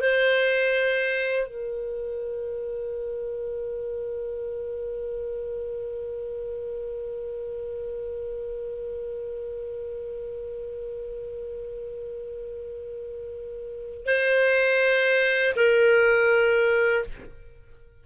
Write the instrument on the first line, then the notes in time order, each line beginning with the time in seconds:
clarinet
0.00 C5
1.47 A#4
14.06 C5
15.56 A#4